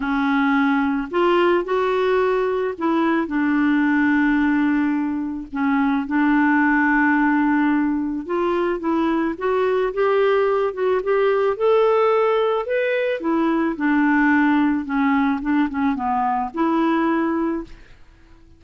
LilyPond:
\new Staff \with { instrumentName = "clarinet" } { \time 4/4 \tempo 4 = 109 cis'2 f'4 fis'4~ | fis'4 e'4 d'2~ | d'2 cis'4 d'4~ | d'2. f'4 |
e'4 fis'4 g'4. fis'8 | g'4 a'2 b'4 | e'4 d'2 cis'4 | d'8 cis'8 b4 e'2 | }